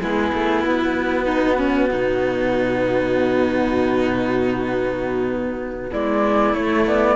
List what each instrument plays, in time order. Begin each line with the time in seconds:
0.00 cello G#3 B3, violin E4, flute G#4
0.33 cello A3
0.63 cello B3, flute F#4
1.25 violin D#4
1.58 violin C#4
1.91 cello B2, violin D#4
5.91 cello G#3, violin E4, flute D5
6.53 cello A3, flute C#5
6.86 cello B3, flute D5